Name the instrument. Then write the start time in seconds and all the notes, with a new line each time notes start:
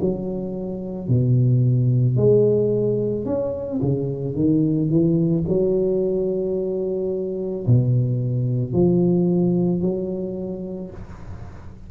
tuba
0.00 F#3
1.08 B2
2.16 G#3
3.25 C#4
3.81 C#3
4.34 D#3
4.89 E3
5.47 F#3
7.66 B2
8.72 F3
9.81 F#3